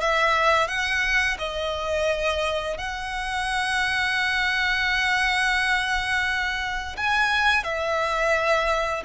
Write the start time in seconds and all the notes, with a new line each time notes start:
0.00 E5
0.67 F#5
1.38 D#5
2.77 F#5
6.96 G#5
7.63 E5